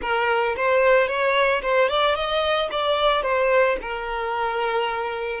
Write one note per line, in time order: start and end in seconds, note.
0.01 0.55 A#4
0.56 1.07 C5
1.07 1.61 C#5
1.62 1.88 C5
1.88 2.15 D5
2.15 2.69 D#5
2.71 3.22 D5
3.22 3.76 C5
3.81 5.40 A#4